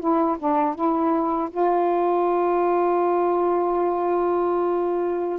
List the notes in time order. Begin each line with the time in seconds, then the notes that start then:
0.00 E4
0.39 D4
0.75 E4
1.51 F4